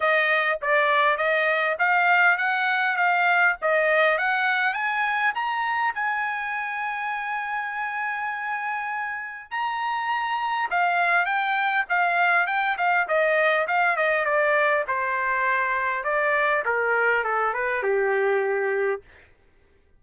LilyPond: \new Staff \with { instrumentName = "trumpet" } { \time 4/4 \tempo 4 = 101 dis''4 d''4 dis''4 f''4 | fis''4 f''4 dis''4 fis''4 | gis''4 ais''4 gis''2~ | gis''1 |
ais''2 f''4 g''4 | f''4 g''8 f''8 dis''4 f''8 dis''8 | d''4 c''2 d''4 | ais'4 a'8 b'8 g'2 | }